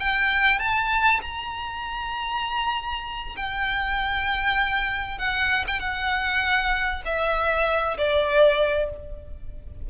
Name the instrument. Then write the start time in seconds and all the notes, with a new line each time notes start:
violin
0.00 G5
0.60 A5
1.22 A#5
3.37 G5
5.19 F#5
5.67 G5
5.80 F#5
7.05 E5
7.98 D5